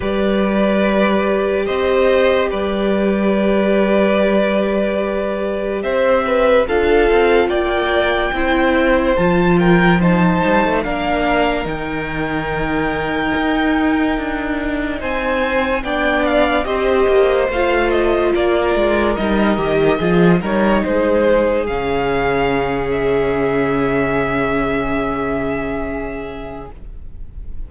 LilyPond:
<<
  \new Staff \with { instrumentName = "violin" } { \time 4/4 \tempo 4 = 72 d''2 dis''4 d''4~ | d''2. e''4 | f''4 g''2 a''8 g''8 | a''4 f''4 g''2~ |
g''2 gis''4 g''8 f''8 | dis''4 f''8 dis''8 d''4 dis''4~ | dis''8 cis''8 c''4 f''4. e''8~ | e''1 | }
  \new Staff \with { instrumentName = "violin" } { \time 4/4 b'2 c''4 b'4~ | b'2. c''8 b'8 | a'4 d''4 c''4. ais'8 | c''4 ais'2.~ |
ais'2 c''4 d''4 | c''2 ais'2 | gis'8 ais'8 gis'2.~ | gis'1 | }
  \new Staff \with { instrumentName = "viola" } { \time 4/4 g'1~ | g'1 | f'2 e'4 f'4 | dis'4 d'4 dis'2~ |
dis'2. d'4 | g'4 f'2 dis'8 g'8 | f'8 dis'4. cis'2~ | cis'1 | }
  \new Staff \with { instrumentName = "cello" } { \time 4/4 g2 c'4 g4~ | g2. c'4 | d'8 c'8 ais4 c'4 f4~ | f8 g16 a16 ais4 dis2 |
dis'4 d'4 c'4 b4 | c'8 ais8 a4 ais8 gis8 g8 dis8 | f8 g8 gis4 cis2~ | cis1 | }
>>